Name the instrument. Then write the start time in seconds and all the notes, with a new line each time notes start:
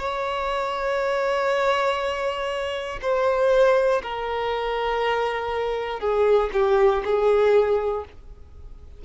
violin
0.00 C#5
3.02 C5
4.03 A#4
6.00 G#4
6.53 G4
7.05 G#4